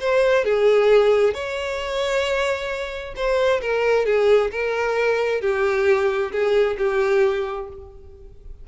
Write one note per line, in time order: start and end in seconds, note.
0.00 0.44 C5
0.44 1.34 G#4
1.34 3.15 C#5
3.16 3.61 C5
3.62 4.06 A#4
4.06 4.51 G#4
4.51 5.42 A#4
5.42 6.32 G4
6.32 6.77 G#4
6.78 7.68 G4